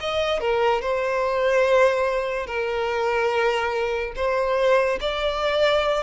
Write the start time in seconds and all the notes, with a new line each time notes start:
0.00 D#5
0.40 A#4
0.81 C5
2.46 A#4
4.16 C5
5.00 D5